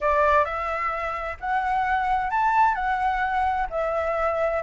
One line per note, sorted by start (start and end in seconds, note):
0.00 0.44 D5
0.44 1.37 E5
1.40 2.30 F#5
2.30 2.74 A5
2.74 3.67 F#5
3.70 4.62 E5